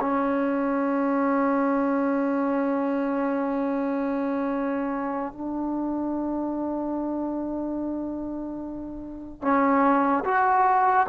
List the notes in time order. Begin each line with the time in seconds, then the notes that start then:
0.00 C#4
5.32 D4
9.41 C#4
10.24 F#4